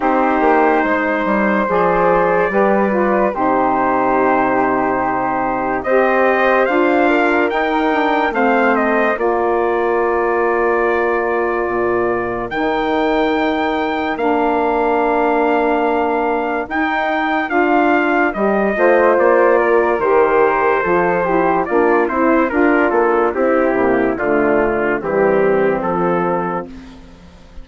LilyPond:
<<
  \new Staff \with { instrumentName = "trumpet" } { \time 4/4 \tempo 4 = 72 c''2 d''2 | c''2. dis''4 | f''4 g''4 f''8 dis''8 d''4~ | d''2. g''4~ |
g''4 f''2. | g''4 f''4 dis''4 d''4 | c''2 d''8 c''8 ais'8 a'8 | g'4 f'4 g'4 a'4 | }
  \new Staff \with { instrumentName = "flute" } { \time 4/4 g'4 c''2 b'4 | g'2. c''4~ | c''8 ais'4. c''4 ais'4~ | ais'1~ |
ais'1~ | ais'2~ ais'8 c''4 ais'8~ | ais'4 a'8 g'8 f'8 e'8 d'4 | e'4 d'4 c'2 | }
  \new Staff \with { instrumentName = "saxophone" } { \time 4/4 dis'2 gis'4 g'8 f'8 | dis'2. g'4 | f'4 dis'8 d'8 c'4 f'4~ | f'2. dis'4~ |
dis'4 d'2. | dis'4 f'4 g'8 f'4. | g'4 f'8 e'8 d'8 e'8 f'4 | c'8 ais8 a4 g4 f4 | }
  \new Staff \with { instrumentName = "bassoon" } { \time 4/4 c'8 ais8 gis8 g8 f4 g4 | c2. c'4 | d'4 dis'4 a4 ais4~ | ais2 ais,4 dis4~ |
dis4 ais2. | dis'4 d'4 g8 a8 ais4 | dis4 f4 ais8 c'8 d'8 ais8 | c'8 c8 d4 e4 f4 | }
>>